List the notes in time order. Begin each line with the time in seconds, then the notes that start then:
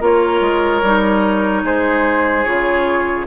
0.00 A#3 F4 A#4 C#5
0.41 G#3
0.82 G3 D#4
1.64 G#3 G#4 C5
2.44 C#3 F4 C#5